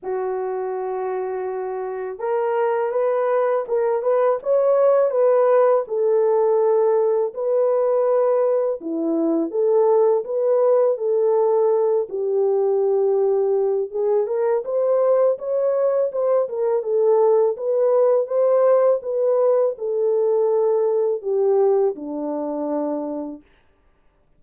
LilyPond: \new Staff \with { instrumentName = "horn" } { \time 4/4 \tempo 4 = 82 fis'2. ais'4 | b'4 ais'8 b'8 cis''4 b'4 | a'2 b'2 | e'4 a'4 b'4 a'4~ |
a'8 g'2~ g'8 gis'8 ais'8 | c''4 cis''4 c''8 ais'8 a'4 | b'4 c''4 b'4 a'4~ | a'4 g'4 d'2 | }